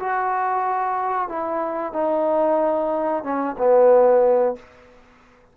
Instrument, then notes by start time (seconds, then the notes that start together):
trombone
0.00 F#4
1.29 E4
1.93 D#4
3.24 C#4
3.58 B3